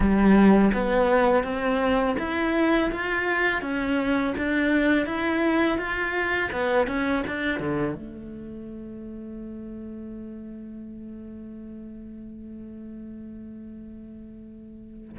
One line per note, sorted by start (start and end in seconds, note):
0.00 0.71 G3
0.73 1.43 B3
1.43 2.16 C4
2.18 2.90 E4
2.91 3.61 F4
3.61 4.34 C#4
4.37 5.06 D4
5.06 5.77 E4
5.77 6.50 F4
6.52 6.87 B3
6.87 7.23 C#4
7.27 7.59 D4
7.59 7.95 D3
7.95 15.17 A3